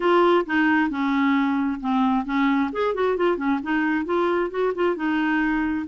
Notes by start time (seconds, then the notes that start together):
0.00 F4
0.46 D#4
0.89 C#4
1.80 C4
2.25 C#4
2.72 G#4
2.94 F#4
3.16 F4
3.37 C#4
3.63 D#4
4.05 F4
4.50 F#4
4.75 F4
4.95 D#4